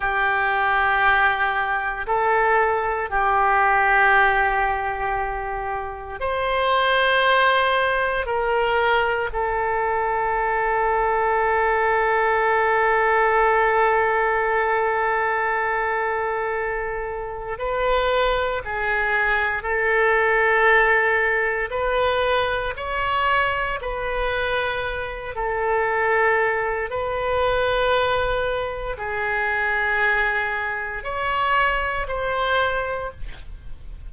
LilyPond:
\new Staff \with { instrumentName = "oboe" } { \time 4/4 \tempo 4 = 58 g'2 a'4 g'4~ | g'2 c''2 | ais'4 a'2.~ | a'1~ |
a'4 b'4 gis'4 a'4~ | a'4 b'4 cis''4 b'4~ | b'8 a'4. b'2 | gis'2 cis''4 c''4 | }